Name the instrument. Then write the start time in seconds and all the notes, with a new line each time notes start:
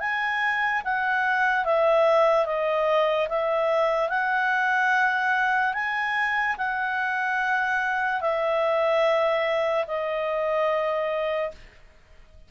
clarinet
0.00 G#5
0.84 F#5
1.65 E5
2.46 D#5
3.29 E5
4.09 F#5
5.74 G#5
6.58 F#5
8.21 E5
9.87 D#5